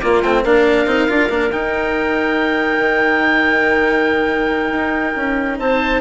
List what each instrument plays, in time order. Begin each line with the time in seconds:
0.00 bassoon A#3, cello A#3, clarinet F4, oboe D5
0.21 bassoon A3, cello C4, oboe G5
0.42 bassoon A#3, cello D4, clarinet A#4, oboe F5
0.85 bassoon C4, cello D#4
1.08 bassoon D4, cello F4
1.29 bassoon A#3, cello D4
1.51 bassoon D#4, cello D#4, oboe G5
2.78 bassoon D#3
4.71 bassoon D#4
5.16 bassoon C#4
5.58 bassoon C4, clarinet C5, oboe A5